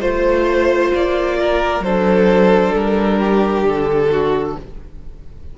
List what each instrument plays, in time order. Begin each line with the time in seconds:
0.00 cello A3, viola F4, violin C5
0.94 cello A#3, violin D5
1.39 violin A#4
1.80 cello F#3, viola D4, violin A4 C5
2.75 cello G3, violin A#4
3.19 violin G4
3.65 cello D3, violin A4
4.11 violin F#4